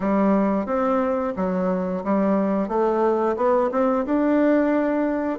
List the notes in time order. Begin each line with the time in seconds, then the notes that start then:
0.00 G3
0.66 C4
1.36 F#3
2.04 G3
2.68 A3
3.36 B3
3.71 C4
4.05 D4